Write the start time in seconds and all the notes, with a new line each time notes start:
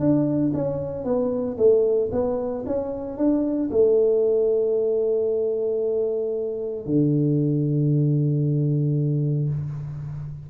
0.00 D4
0.54 C#4
1.05 B3
1.58 A3
2.12 B3
2.67 C#4
3.18 D4
3.71 A3
6.86 D3